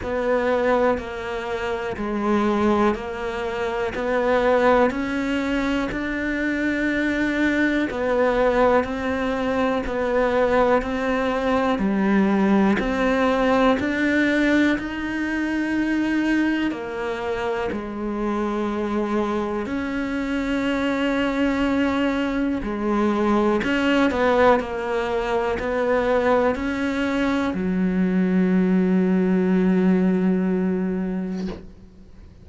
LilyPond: \new Staff \with { instrumentName = "cello" } { \time 4/4 \tempo 4 = 61 b4 ais4 gis4 ais4 | b4 cis'4 d'2 | b4 c'4 b4 c'4 | g4 c'4 d'4 dis'4~ |
dis'4 ais4 gis2 | cis'2. gis4 | cis'8 b8 ais4 b4 cis'4 | fis1 | }